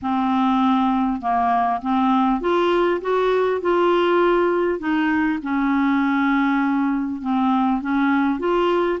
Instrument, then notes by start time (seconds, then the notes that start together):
clarinet
0.02 C4
1.21 A#3
1.81 C4
2.40 F4
3.01 F#4
3.61 F4
4.79 D#4
5.42 C#4
7.21 C4
7.81 C#4
8.39 F4